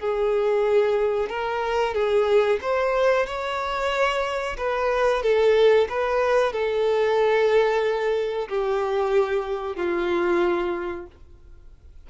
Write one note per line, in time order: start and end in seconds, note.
0.00 1.30 G#4
1.30 1.95 A#4
1.95 2.60 G#4
2.62 3.26 C5
3.26 4.57 C#5
4.58 5.23 B4
5.23 5.88 A4
5.89 6.53 B4
6.53 8.49 A4
8.49 9.76 G4
9.76 11.07 F4